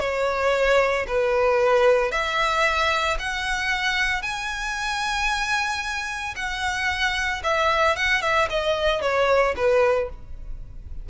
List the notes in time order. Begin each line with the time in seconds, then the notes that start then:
0.00 C#5
1.08 B4
2.12 E5
3.19 F#5
4.22 G#5
6.36 F#5
7.44 E5
7.96 F#5
8.22 E5
8.50 D#5
9.02 C#5
9.57 B4